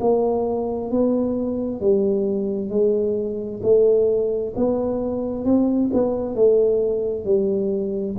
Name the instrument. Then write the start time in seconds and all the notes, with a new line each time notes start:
tuba
0.00 A#3
0.90 B3
1.80 G3
2.69 G#3
3.62 A3
4.55 B3
5.45 C4
5.93 B3
6.35 A3
7.24 G3